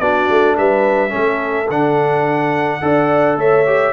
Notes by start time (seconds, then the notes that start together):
0.00 B3 D4 F#4 D5
0.31 A3
0.57 G3 B4 E5
1.10 A3 C#4 A4
1.70 D3 D4 F#5
2.82 D4 A4 D5
3.37 A3 C#5 E5
3.67 G4